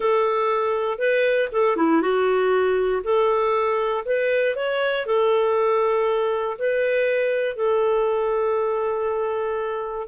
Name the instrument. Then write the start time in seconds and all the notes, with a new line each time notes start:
clarinet
0.00 A4
0.98 B4
1.51 A4
1.76 E4
2.01 F#4
3.03 A4
4.05 B4
4.55 C#5
5.06 A4
6.58 B4
7.56 A4